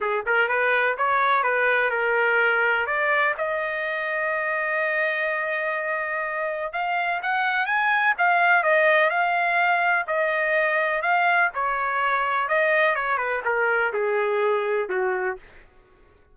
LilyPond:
\new Staff \with { instrumentName = "trumpet" } { \time 4/4 \tempo 4 = 125 gis'8 ais'8 b'4 cis''4 b'4 | ais'2 d''4 dis''4~ | dis''1~ | dis''2 f''4 fis''4 |
gis''4 f''4 dis''4 f''4~ | f''4 dis''2 f''4 | cis''2 dis''4 cis''8 b'8 | ais'4 gis'2 fis'4 | }